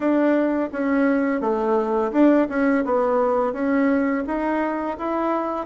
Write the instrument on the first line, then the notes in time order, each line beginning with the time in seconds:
bassoon
0.00 D4
0.72 C#4
1.41 A3
2.12 D4
2.49 C#4
2.84 B3
3.53 C#4
4.26 D#4
4.98 E4